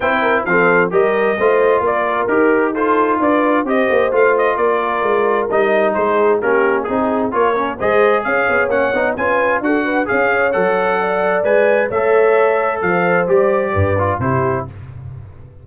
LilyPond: <<
  \new Staff \with { instrumentName = "trumpet" } { \time 4/4 \tempo 4 = 131 g''4 f''4 dis''2 | d''4 ais'4 c''4 d''4 | dis''4 f''8 dis''8 d''2 | dis''4 c''4 ais'4 gis'4 |
cis''4 dis''4 f''4 fis''4 | gis''4 fis''4 f''4 fis''4~ | fis''4 gis''4 e''2 | f''4 d''2 c''4 | }
  \new Staff \with { instrumentName = "horn" } { \time 4/4 c''8 ais'8 a'4 ais'4 c''4 | ais'2 a'4 b'4 | c''2 ais'2~ | ais'4 gis'4 g'4 gis'4 |
ais'4 c''4 cis''2 | b'4 a'8 b'8 cis''2 | d''2 cis''2 | c''2 b'4 g'4 | }
  \new Staff \with { instrumentName = "trombone" } { \time 4/4 e'4 c'4 g'4 f'4~ | f'4 g'4 f'2 | g'4 f'2. | dis'2 cis'4 dis'4 |
f'8 cis'8 gis'2 cis'8 dis'8 | f'4 fis'4 gis'4 a'4~ | a'4 b'4 a'2~ | a'4 g'4. f'8 e'4 | }
  \new Staff \with { instrumentName = "tuba" } { \time 4/4 c'4 f4 g4 a4 | ais4 dis'2 d'4 | c'8 ais8 a4 ais4 gis4 | g4 gis4 ais4 c'4 |
ais4 gis4 cis'8 b8 ais8 b8 | cis'4 d'4 cis'4 fis4~ | fis4 gis4 a2 | f4 g4 g,4 c4 | }
>>